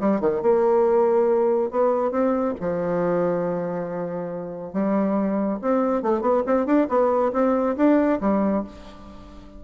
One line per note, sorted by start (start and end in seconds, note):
0.00 0.20 G3
0.20 0.42 D#3
0.42 1.71 A#3
1.71 2.11 B3
2.11 2.54 C4
2.60 4.73 F3
4.73 5.59 G3
5.62 6.02 C4
6.02 6.21 A3
6.21 6.43 B3
6.46 6.66 C4
6.66 6.88 D4
6.88 7.32 B3
7.33 7.76 C4
7.76 8.20 D4
8.21 8.64 G3